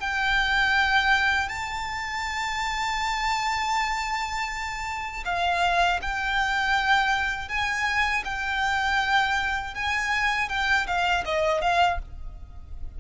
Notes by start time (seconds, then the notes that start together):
0.00 G5
1.49 A5
5.25 F5
6.02 G5
7.48 G#5
8.24 G5
9.75 G#5
10.49 G5
10.87 F5
11.25 D#5
11.61 F5